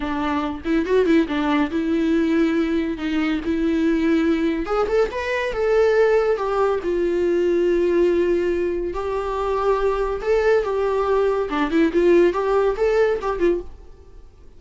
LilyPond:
\new Staff \with { instrumentName = "viola" } { \time 4/4 \tempo 4 = 141 d'4. e'8 fis'8 e'8 d'4 | e'2. dis'4 | e'2. gis'8 a'8 | b'4 a'2 g'4 |
f'1~ | f'4 g'2. | a'4 g'2 d'8 e'8 | f'4 g'4 a'4 g'8 f'8 | }